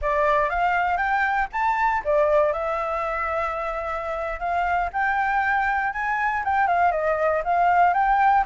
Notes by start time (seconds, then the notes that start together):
0.01 D5
0.49 F5
0.97 G5
1.52 A5
2.04 D5
2.52 E5
4.39 F5
4.92 G5
5.92 G#5
6.44 G5
6.67 F5
6.91 D#5
7.44 F5
7.93 G5